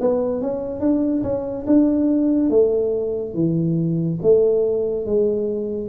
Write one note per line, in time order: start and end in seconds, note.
0.00 0.41 B3
0.41 0.80 C#4
0.80 1.22 D4
1.23 1.65 C#4
1.66 2.50 D4
2.50 3.34 A3
3.34 4.18 E3
4.22 5.06 A3
5.06 5.89 G#3